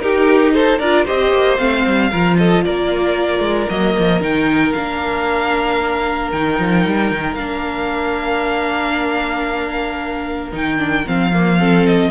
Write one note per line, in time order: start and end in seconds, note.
0.00 0.81 D#4
0.00 0.80 D#4
0.00 0.54 G4
0.00 0.53 A#4
0.53 0.79 A4
0.53 0.79 C5
0.79 1.07 D4
0.79 1.07 F4
0.79 1.05 A#4
0.79 1.06 D5
1.05 1.33 C4
1.05 1.58 G4
1.05 2.10 C5
1.05 1.58 D#5
1.33 1.59 A#3
1.58 1.86 A3
1.58 2.11 C4
1.58 2.37 F5
1.86 2.12 G3
2.11 2.65 F3
2.11 3.70 F4
2.11 2.38 A#4
2.38 2.66 A4
2.38 2.64 D#5
2.65 3.40 A#3
2.65 11.59 A#4
2.65 3.69 D5
3.40 3.67 G#3
3.69 3.97 F#3
3.69 4.21 A#3
3.69 4.22 D#5
3.99 4.22 F3
4.21 4.75 D#3
4.21 4.74 D#4
4.21 4.73 G5
4.73 6.33 A#3
4.73 6.34 D4
4.73 6.31 F5
6.32 6.60 D#3
6.32 7.38 D#4
6.32 7.35 G5
6.60 6.86 F3
6.86 7.12 G3
7.12 7.36 D#3
7.35 10.52 A#3
7.35 10.53 D4
7.35 10.51 F5
10.53 11.06 D#3
10.53 10.79 D#4
10.53 11.08 G5
10.79 11.05 D4
11.07 12.12 F3
11.07 11.34 C4
11.07 11.87 F5
11.34 11.59 A#3
11.59 12.12 C4
11.59 12.12 A4
11.87 12.12 D#5